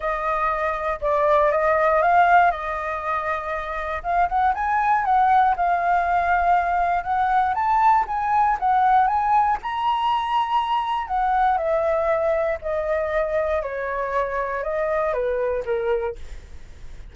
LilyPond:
\new Staff \with { instrumentName = "flute" } { \time 4/4 \tempo 4 = 119 dis''2 d''4 dis''4 | f''4 dis''2. | f''8 fis''8 gis''4 fis''4 f''4~ | f''2 fis''4 a''4 |
gis''4 fis''4 gis''4 ais''4~ | ais''2 fis''4 e''4~ | e''4 dis''2 cis''4~ | cis''4 dis''4 b'4 ais'4 | }